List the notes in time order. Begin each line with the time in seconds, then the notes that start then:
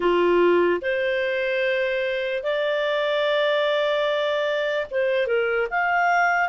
0.00 F4
0.81 C5
2.43 D5
4.91 C5
5.26 A#4
5.70 F5